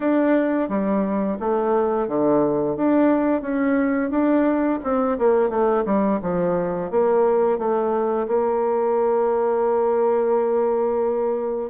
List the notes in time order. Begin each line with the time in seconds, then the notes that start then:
0.00 D4
0.69 G3
1.39 A3
2.08 D3
2.76 D4
3.41 C#4
4.10 D4
4.83 C4
5.18 A#3
5.49 A3
5.85 G3
6.22 F3
6.90 A#3
7.58 A3
8.27 A#3